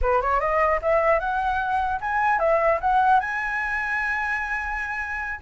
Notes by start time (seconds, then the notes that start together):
0.01 B4
0.21 C#5
0.40 D#5
0.82 E5
1.19 F#5
2.00 G#5
2.39 E5
2.80 F#5
3.20 G#5